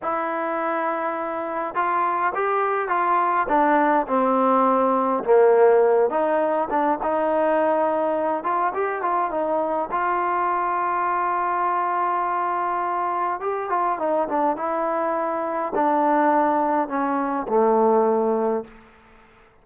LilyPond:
\new Staff \with { instrumentName = "trombone" } { \time 4/4 \tempo 4 = 103 e'2. f'4 | g'4 f'4 d'4 c'4~ | c'4 ais4. dis'4 d'8 | dis'2~ dis'8 f'8 g'8 f'8 |
dis'4 f'2.~ | f'2. g'8 f'8 | dis'8 d'8 e'2 d'4~ | d'4 cis'4 a2 | }